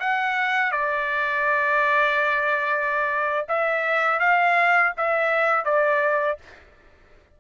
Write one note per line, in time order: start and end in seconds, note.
0.00 0.72 F#5
0.72 3.46 D5
3.48 4.20 E5
4.20 4.93 F5
4.97 5.65 E5
5.65 6.38 D5